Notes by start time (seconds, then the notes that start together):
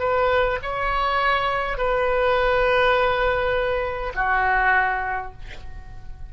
0.00 B4
0.63 C#5
1.78 B4
4.15 F#4